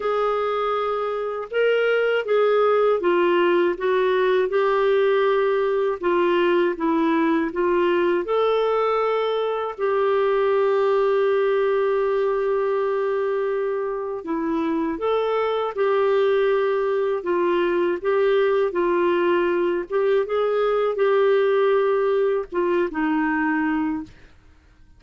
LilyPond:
\new Staff \with { instrumentName = "clarinet" } { \time 4/4 \tempo 4 = 80 gis'2 ais'4 gis'4 | f'4 fis'4 g'2 | f'4 e'4 f'4 a'4~ | a'4 g'2.~ |
g'2. e'4 | a'4 g'2 f'4 | g'4 f'4. g'8 gis'4 | g'2 f'8 dis'4. | }